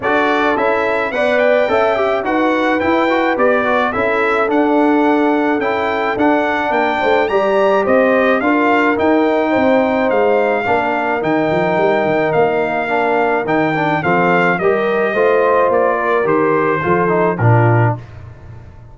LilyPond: <<
  \new Staff \with { instrumentName = "trumpet" } { \time 4/4 \tempo 4 = 107 d''4 e''4 fis''8 g''4. | fis''4 g''4 d''4 e''4 | fis''2 g''4 fis''4 | g''4 ais''4 dis''4 f''4 |
g''2 f''2 | g''2 f''2 | g''4 f''4 dis''2 | d''4 c''2 ais'4 | }
  \new Staff \with { instrumentName = "horn" } { \time 4/4 a'2 d''4 e''4 | b'2. a'4~ | a'1 | ais'8 c''8 d''4 c''4 ais'4~ |
ais'4 c''2 ais'4~ | ais'1~ | ais'4 a'4 ais'4 c''4~ | c''8 ais'4. a'4 f'4 | }
  \new Staff \with { instrumentName = "trombone" } { \time 4/4 fis'4 e'4 b'4 a'8 g'8 | fis'4 e'8 fis'8 g'8 fis'8 e'4 | d'2 e'4 d'4~ | d'4 g'2 f'4 |
dis'2. d'4 | dis'2. d'4 | dis'8 d'8 c'4 g'4 f'4~ | f'4 g'4 f'8 dis'8 d'4 | }
  \new Staff \with { instrumentName = "tuba" } { \time 4/4 d'4 cis'4 b4 cis'4 | dis'4 e'4 b4 cis'4 | d'2 cis'4 d'4 | ais8 a8 g4 c'4 d'4 |
dis'4 c'4 gis4 ais4 | dis8 f8 g8 dis8 ais2 | dis4 f4 g4 a4 | ais4 dis4 f4 ais,4 | }
>>